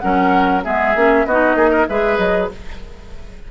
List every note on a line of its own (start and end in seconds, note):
0.00 0.65 F#3
0.00 0.64 C#4
0.00 0.64 A#4
0.00 0.62 F#5
0.64 0.95 G#3
0.64 0.95 B3
0.64 1.26 G#4
0.64 1.26 E5
0.95 1.26 A#3
0.95 1.27 C#4
1.26 1.55 B3
1.26 1.89 D#4
1.26 1.56 F#4
1.26 1.88 D#5
1.55 1.86 A#3
1.55 1.70 G#4
1.70 1.86 A#4
1.88 2.18 G#3
1.88 2.51 G#4
1.88 2.51 B4
1.88 2.18 E5
2.18 2.49 F#3
2.18 2.49 D#5